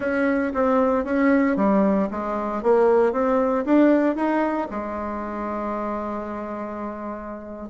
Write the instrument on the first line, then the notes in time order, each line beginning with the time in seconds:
bassoon
0.00 C#4
0.54 C4
1.04 C#4
1.56 G3
2.10 G#3
2.62 A#3
3.12 C4
3.65 D4
4.15 D#4
4.70 G#3